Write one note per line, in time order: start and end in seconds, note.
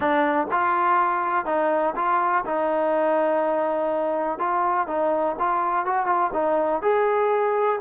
0.00 0.47 D4
0.51 1.45 F4
1.45 1.94 D#4
1.95 2.44 F4
2.45 4.38 D#4
4.38 4.87 F4
4.87 5.36 D#4
5.39 5.85 F4
5.85 6.06 F#4
6.06 6.30 F4
6.33 6.82 D#4
6.82 7.79 G#4